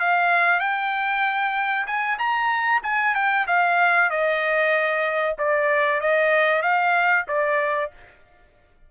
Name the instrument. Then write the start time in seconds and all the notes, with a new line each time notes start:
trumpet
0.00 F5
0.60 G5
1.87 G#5
2.19 A#5
2.83 G#5
3.15 G5
3.47 F5
4.10 D#5
5.38 D5
6.01 D#5
6.63 F5
7.28 D5